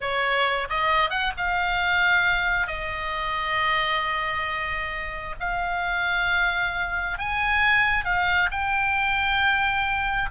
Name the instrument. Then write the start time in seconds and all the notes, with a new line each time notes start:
oboe
0.00 C#5
0.69 D#5
1.09 F#5
1.37 F5
2.67 D#5
5.40 F5
7.18 G#5
8.04 F5
8.51 G5